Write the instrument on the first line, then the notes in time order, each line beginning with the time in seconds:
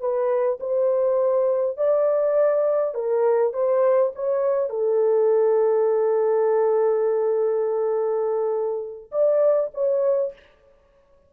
horn
0.00 B4
0.60 C5
1.77 D5
2.94 A#4
3.53 C5
4.15 C#5
4.70 A4
9.11 D5
9.74 C#5